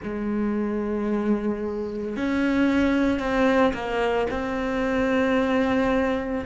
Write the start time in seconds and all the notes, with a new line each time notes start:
0.03 G#3
2.16 C#4
3.19 C4
3.73 A#3
4.30 C4